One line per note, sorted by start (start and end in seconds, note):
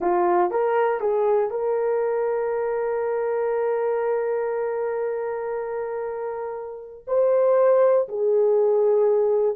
0.00 0.50 F4
0.50 1.00 A#4
1.00 1.50 G#4
1.50 7.05 A#4
7.07 8.08 C5
8.08 9.56 G#4